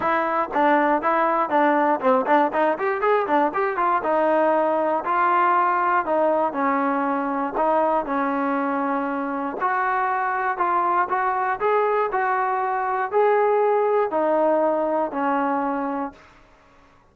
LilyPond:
\new Staff \with { instrumentName = "trombone" } { \time 4/4 \tempo 4 = 119 e'4 d'4 e'4 d'4 | c'8 d'8 dis'8 g'8 gis'8 d'8 g'8 f'8 | dis'2 f'2 | dis'4 cis'2 dis'4 |
cis'2. fis'4~ | fis'4 f'4 fis'4 gis'4 | fis'2 gis'2 | dis'2 cis'2 | }